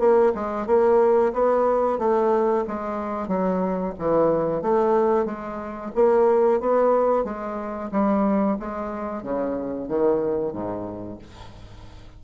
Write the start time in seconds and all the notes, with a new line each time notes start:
0.00 A#3
0.35 G#3
0.67 A#3
1.33 B3
1.99 A3
2.68 G#3
3.28 F#3
3.99 E3
4.62 A3
5.26 G#3
5.96 A#3
6.61 B3
7.25 G#3
7.92 G3
8.60 G#3
9.23 C#3
9.89 D#3
10.53 G#2